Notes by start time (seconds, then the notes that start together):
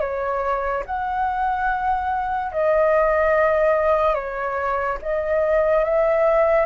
0.00 C#5
0.86 F#5
2.52 D#5
4.14 C#5
5.02 D#5
5.84 E5